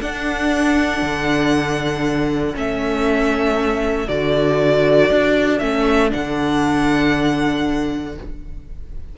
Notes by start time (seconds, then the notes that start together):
0.00 D4 A4 F#5
1.02 D3
2.54 A3 C#4 E5
4.09 D3 F#4 D5
5.11 D4
5.59 A3 C#4 E5
6.10 D3 D4 F#5